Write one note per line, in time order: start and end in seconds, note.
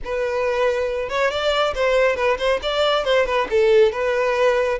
0.04 1.09 B4
1.09 1.30 C#5
1.30 1.74 D5
1.75 2.16 C5
2.16 2.37 B4
2.38 2.60 C5
2.62 3.04 D5
3.04 3.25 C5
3.25 3.47 B4
3.50 3.92 A4
3.92 4.78 B4